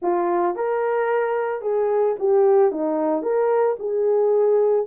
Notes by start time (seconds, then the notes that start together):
0.01 F4
0.55 A#4
1.61 G#4
2.19 G4
2.71 D#4
3.22 A#4
3.79 G#4